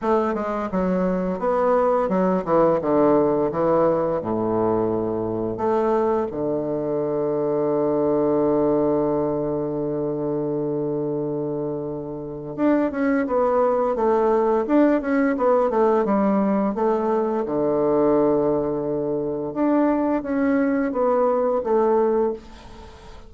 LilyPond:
\new Staff \with { instrumentName = "bassoon" } { \time 4/4 \tempo 4 = 86 a8 gis8 fis4 b4 fis8 e8 | d4 e4 a,2 | a4 d2.~ | d1~ |
d2 d'8 cis'8 b4 | a4 d'8 cis'8 b8 a8 g4 | a4 d2. | d'4 cis'4 b4 a4 | }